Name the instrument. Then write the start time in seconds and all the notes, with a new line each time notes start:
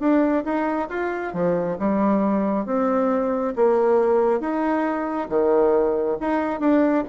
bassoon
0.00 D4
0.45 D#4
0.89 F4
1.34 F3
1.79 G3
2.66 C4
3.56 A#3
4.40 D#4
5.29 D#3
6.21 D#4
6.60 D4